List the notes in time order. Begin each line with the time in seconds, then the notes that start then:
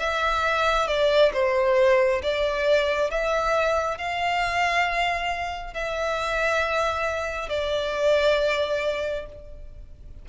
0.00 E5
0.88 D5
1.34 C5
2.23 D5
3.11 E5
3.98 F5
5.74 E5
7.50 D5